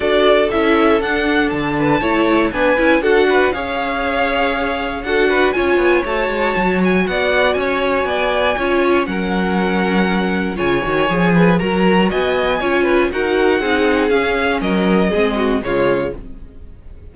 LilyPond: <<
  \new Staff \with { instrumentName = "violin" } { \time 4/4 \tempo 4 = 119 d''4 e''4 fis''4 a''4~ | a''4 gis''4 fis''4 f''4~ | f''2 fis''4 gis''4 | a''4. gis''8 fis''4 gis''4~ |
gis''2 fis''2~ | fis''4 gis''2 ais''4 | gis''2 fis''2 | f''4 dis''2 cis''4 | }
  \new Staff \with { instrumentName = "violin" } { \time 4/4 a'2.~ a'8 b'8 | cis''4 b'4 a'8 b'8 cis''4~ | cis''2 a'8 b'8 cis''4~ | cis''2 d''4 cis''4 |
d''4 cis''4 ais'2~ | ais'4 cis''4. b'8 ais'4 | dis''4 cis''8 b'8 ais'4 gis'4~ | gis'4 ais'4 gis'8 fis'8 f'4 | }
  \new Staff \with { instrumentName = "viola" } { \time 4/4 fis'4 e'4 d'2 | e'4 d'8 e'8 fis'4 gis'4~ | gis'2 fis'4 f'4 | fis'1~ |
fis'4 f'4 cis'2~ | cis'4 f'8 fis'8 gis'4 fis'4~ | fis'4 f'4 fis'4 dis'4 | cis'2 c'4 gis4 | }
  \new Staff \with { instrumentName = "cello" } { \time 4/4 d'4 cis'4 d'4 d4 | a4 b8 cis'8 d'4 cis'4~ | cis'2 d'4 cis'8 b8 | a8 gis8 fis4 b4 cis'4 |
b4 cis'4 fis2~ | fis4 cis8 dis8 f4 fis4 | b4 cis'4 dis'4 c'4 | cis'4 fis4 gis4 cis4 | }
>>